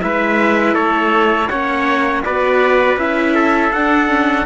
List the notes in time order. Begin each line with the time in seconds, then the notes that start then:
0.00 G#3 E4 B4 E5
0.74 A3 A4 C#5
1.48 A#3 C#4 C#5 F#5
2.24 B3 F#4 B4 D5
2.97 C#4 E4 E5
3.34 A4
3.72 D4 F#5
4.08 C#4